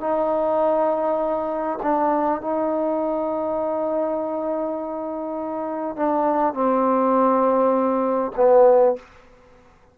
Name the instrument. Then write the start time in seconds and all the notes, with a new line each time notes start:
trombone
0.00 D#4
1.82 D4
2.41 D#4
5.96 D4
6.53 C4
8.36 B3